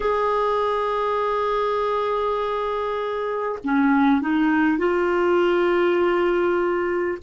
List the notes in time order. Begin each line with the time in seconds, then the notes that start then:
0.00 G#4
3.63 C#4
4.21 D#4
4.77 F4